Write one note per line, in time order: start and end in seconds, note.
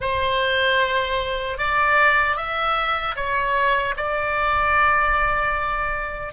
0.00 1.58 C5
1.58 2.36 D5
2.36 3.15 E5
3.15 3.94 C#5
3.97 6.33 D5